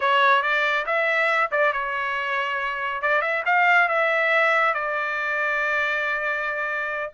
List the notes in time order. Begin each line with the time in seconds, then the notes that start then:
0.00 C#5
0.42 D5
0.86 E5
1.51 D5
1.72 C#5
3.02 D5
3.21 E5
3.45 F5
3.88 E5
4.74 D5